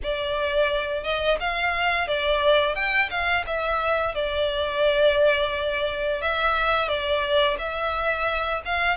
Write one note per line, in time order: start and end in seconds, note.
0.03 1.03 D5
1.03 1.38 D#5
1.39 2.07 F5
2.07 2.75 D5
2.75 3.09 G5
3.10 3.45 F5
3.46 4.14 E5
4.14 6.21 D5
6.21 6.88 E5
6.88 7.57 D5
7.58 8.62 E5
8.65 8.97 F5